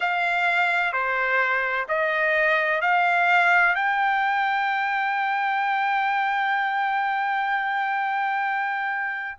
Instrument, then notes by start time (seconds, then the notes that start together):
trumpet
0.00 F5
0.92 C5
1.88 D#5
2.81 F5
3.75 G5